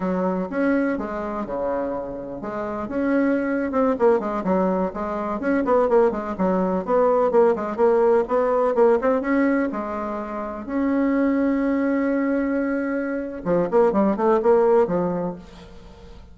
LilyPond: \new Staff \with { instrumentName = "bassoon" } { \time 4/4 \tempo 4 = 125 fis4 cis'4 gis4 cis4~ | cis4 gis4 cis'4.~ cis'16 c'16~ | c'16 ais8 gis8 fis4 gis4 cis'8 b16~ | b16 ais8 gis8 fis4 b4 ais8 gis16~ |
gis16 ais4 b4 ais8 c'8 cis'8.~ | cis'16 gis2 cis'4.~ cis'16~ | cis'1 | f8 ais8 g8 a8 ais4 f4 | }